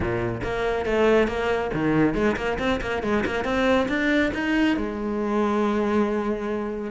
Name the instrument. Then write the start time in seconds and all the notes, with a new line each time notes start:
cello
0.00 A#2
0.43 A#3
0.85 A3
1.27 A#3
1.73 D#3
2.14 G#3
2.36 A#3
2.58 C4
2.81 A#3
3.03 G#3
3.25 A#3
3.44 C4
3.88 D4
4.34 D#4
4.76 G#3